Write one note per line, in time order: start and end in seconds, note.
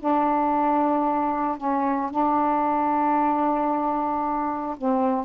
0.00 1.58 D4
1.58 2.11 C#4
2.11 4.76 D4
4.78 5.25 C4